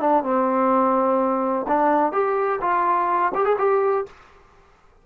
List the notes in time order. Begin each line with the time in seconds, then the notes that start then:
0.00 D4
0.23 C4
1.68 D4
2.12 G4
2.61 F4
3.34 G4
3.45 G#4
3.58 G4